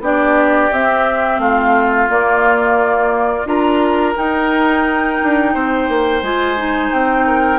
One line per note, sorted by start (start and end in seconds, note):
0.00 0.69 B3
0.00 0.71 D4
0.00 1.41 G4
0.00 0.73 D5
0.72 1.38 C4
0.72 2.09 C4
0.72 1.39 E5
1.38 2.07 A3
1.38 3.48 F4
1.38 2.08 F5
2.09 3.46 A#3
2.09 3.45 A#3
2.09 3.47 D5
3.45 4.14 D4
3.45 4.15 F4
3.45 5.53 A#4
3.45 4.16 A#5
4.15 6.22 D#4
4.15 5.21 D#4
4.15 6.23 G5
5.22 5.55 D4
5.53 5.88 C4
5.53 7.26 C5
5.88 6.22 A#3
6.22 6.91 G#3
6.22 6.57 F4
6.22 6.93 G#5
6.57 7.59 D#4
6.92 7.59 C4
6.92 7.59 G5
7.26 7.59 A#4